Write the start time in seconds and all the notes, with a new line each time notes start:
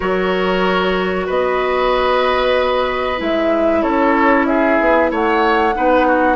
0.00 F#3 F#4 A#4 C#5
1.26 B3 B4 D#5
3.17 G#3 E4 E5
3.82 C#4 A4 C#5
4.46 G#4 E5
4.80 B3
5.11 A3 C#5 F#5
5.74 B3 D#4 B4
6.07 F#4